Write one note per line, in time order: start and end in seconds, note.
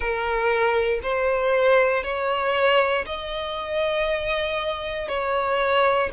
0.00 0.99 A#4
1.03 2.03 C5
2.03 3.05 C#5
3.06 5.08 D#5
5.08 6.10 C#5